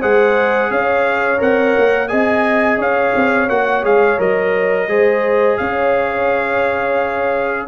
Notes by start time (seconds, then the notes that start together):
0.00 G#3 G#4 C5 F#5
0.71 C#4 C#5 F5
1.38 C4 A#4 F#5
1.78 A#3
2.08 C4 G#4 D#5 G#5
2.78 C#4 C#5 F5
3.16 C4
3.49 A#3 F#4 F#5
3.84 G#3 G#4 F5
4.18 F#3 A#4 D#5
4.88 G#3 G#4 C5
5.58 C#4 C#5 F5